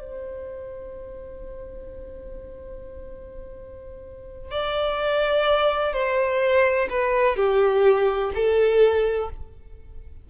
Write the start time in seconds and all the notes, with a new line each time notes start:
0.00 C5
4.51 D5
5.94 C5
6.90 B4
7.37 G4
8.35 A4